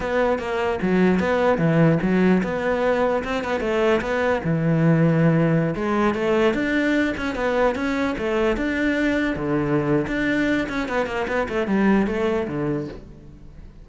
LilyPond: \new Staff \with { instrumentName = "cello" } { \time 4/4 \tempo 4 = 149 b4 ais4 fis4 b4 | e4 fis4 b2 | c'8 b8 a4 b4 e4~ | e2~ e16 gis4 a8.~ |
a16 d'4. cis'8 b4 cis'8.~ | cis'16 a4 d'2 d8.~ | d4 d'4. cis'8 b8 ais8 | b8 a8 g4 a4 d4 | }